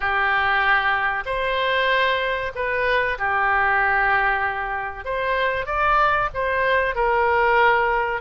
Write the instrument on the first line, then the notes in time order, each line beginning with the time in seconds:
oboe
0.00 G4
1.25 C5
2.55 B4
3.18 G4
5.04 C5
5.66 D5
6.34 C5
6.95 A#4